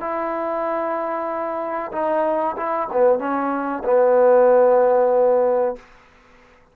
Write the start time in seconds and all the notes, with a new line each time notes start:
0.00 E4
1.92 D#4
2.56 E4
2.92 B3
3.19 C#4
3.84 B3